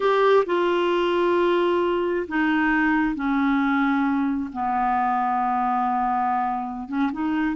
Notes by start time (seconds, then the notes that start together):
0.00 G4
0.46 F4
2.28 D#4
3.15 C#4
4.52 B3
6.88 C#4
7.12 D#4